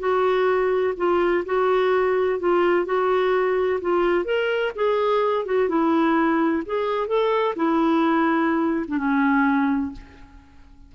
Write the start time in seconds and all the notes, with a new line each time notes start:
0.00 F#4
0.97 F4
1.46 F#4
2.40 F4
2.86 F#4
3.81 F4
4.25 A#4
4.76 G#4
5.46 F#4
5.69 E4
6.66 G#4
7.08 A4
7.56 E4
8.88 D4
8.98 C#4